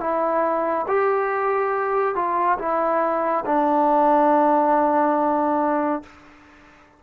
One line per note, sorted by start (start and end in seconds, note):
0.00 0.86 E4
0.88 2.15 G4
2.15 2.58 F4
2.59 3.44 E4
3.46 6.03 D4